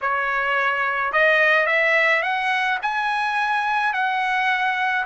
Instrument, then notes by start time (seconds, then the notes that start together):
trumpet
0.01 C#5
1.12 D#5
1.66 E5
2.22 F#5
2.82 G#5
3.93 F#5